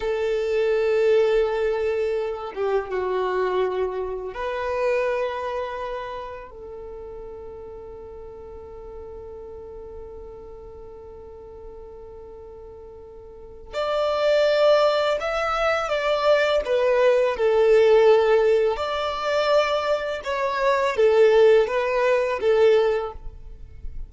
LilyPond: \new Staff \with { instrumentName = "violin" } { \time 4/4 \tempo 4 = 83 a'2.~ a'8 g'8 | fis'2 b'2~ | b'4 a'2.~ | a'1~ |
a'2. d''4~ | d''4 e''4 d''4 b'4 | a'2 d''2 | cis''4 a'4 b'4 a'4 | }